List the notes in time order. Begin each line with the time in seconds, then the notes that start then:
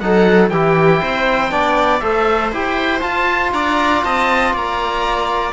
0.00 F#3 D#4 A4 F#5
0.49 E3 E4 G4 G5
1.02 C4 C5
1.51 B3 D4 D5
2.00 A3 A4 C5 E5
2.52 E4 G4 G5
3.01 F4 A5
3.53 D4 D5 A#5
4.04 C4 D#5 A5
4.53 A#3 D5 A#5